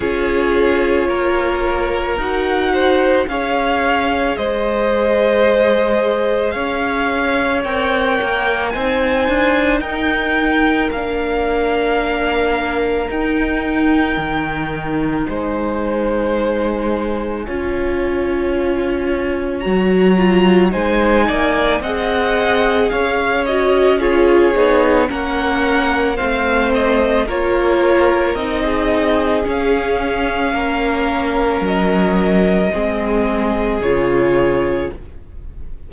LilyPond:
<<
  \new Staff \with { instrumentName = "violin" } { \time 4/4 \tempo 4 = 55 cis''2 fis''4 f''4 | dis''2 f''4 g''4 | gis''4 g''4 f''2 | g''2 gis''2~ |
gis''2 ais''4 gis''4 | fis''4 f''8 dis''8 cis''4 fis''4 | f''8 dis''8 cis''4 dis''4 f''4~ | f''4 dis''2 cis''4 | }
  \new Staff \with { instrumentName = "violin" } { \time 4/4 gis'4 ais'4. c''8 cis''4 | c''2 cis''2 | c''4 ais'2.~ | ais'2 c''2 |
cis''2. c''8 d''8 | dis''4 cis''4 gis'4 ais'4 | c''4 ais'4~ ais'16 gis'4.~ gis'16 | ais'2 gis'2 | }
  \new Staff \with { instrumentName = "viola" } { \time 4/4 f'2 fis'4 gis'4~ | gis'2. ais'4 | dis'2 d'2 | dis'1 |
f'2 fis'8 f'8 dis'4 | gis'4. fis'8 f'8 dis'8 cis'4 | c'4 f'4 dis'4 cis'4~ | cis'2 c'4 f'4 | }
  \new Staff \with { instrumentName = "cello" } { \time 4/4 cis'4 ais4 dis'4 cis'4 | gis2 cis'4 c'8 ais8 | c'8 d'8 dis'4 ais2 | dis'4 dis4 gis2 |
cis'2 fis4 gis8 ais8 | c'4 cis'4. b8 ais4 | a4 ais4 c'4 cis'4 | ais4 fis4 gis4 cis4 | }
>>